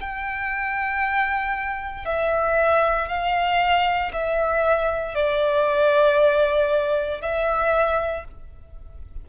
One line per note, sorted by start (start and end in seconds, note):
0.00 2.05 G5
2.05 3.08 E5
3.08 4.11 F5
4.13 5.14 E5
5.14 7.21 D5
7.21 8.24 E5